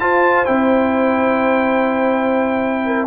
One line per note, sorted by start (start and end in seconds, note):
0.00 0.46 F4
0.00 0.47 F4
0.00 2.86 C5
0.00 0.45 A5
0.45 3.07 C4
0.45 3.07 E4
0.45 3.07 G5
2.86 3.07 A#4